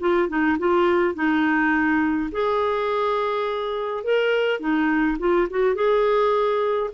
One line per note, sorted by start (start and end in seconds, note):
0.00 0.29 F4
0.29 0.58 D#4
0.59 1.15 F4
1.15 2.30 D#4
2.32 4.04 G#4
4.04 4.60 A#4
4.60 5.17 D#4
5.19 5.48 F4
5.50 5.75 F#4
5.75 6.90 G#4